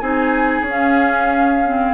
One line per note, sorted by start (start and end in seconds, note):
0.00 0.62 C4
0.00 0.66 D#4
0.00 1.94 G#4
0.00 0.65 G#5
0.62 1.92 C#4
0.69 1.65 C#4
0.69 1.94 F5
1.65 1.94 C4